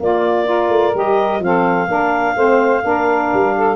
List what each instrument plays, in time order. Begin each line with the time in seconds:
0.00 tuba A#3, saxophone A#3 F4, clarinet D5
0.45 saxophone F4 A#4
0.69 tuba A3
0.94 tuba G3, saxophone G4, clarinet D#5
1.40 tuba F3, saxophone C4 A4, clarinet F5
1.88 tuba A#3, saxophone D4 A#4
2.36 tuba A3, saxophone C4 C5
2.82 tuba A#3, saxophone D4 A#4
3.34 tuba G3
3.56 saxophone A4